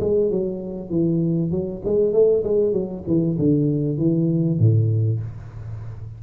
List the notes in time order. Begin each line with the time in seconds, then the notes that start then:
0.00 G#3
0.31 F#3
0.90 E3
1.51 F#3
1.85 G#3
2.13 A3
2.44 G#3
2.72 F#3
3.07 E3
3.38 D3
3.97 E3
4.59 A2